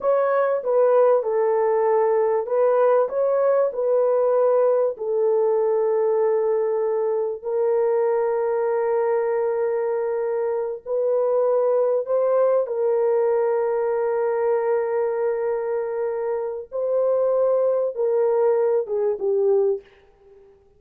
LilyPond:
\new Staff \with { instrumentName = "horn" } { \time 4/4 \tempo 4 = 97 cis''4 b'4 a'2 | b'4 cis''4 b'2 | a'1 | ais'1~ |
ais'4. b'2 c''8~ | c''8 ais'2.~ ais'8~ | ais'2. c''4~ | c''4 ais'4. gis'8 g'4 | }